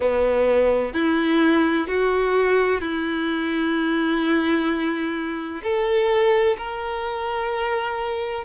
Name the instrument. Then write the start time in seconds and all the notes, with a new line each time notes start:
violin
0.00 B3
0.93 E4
1.87 F#4
2.80 E4
5.62 A4
6.57 A#4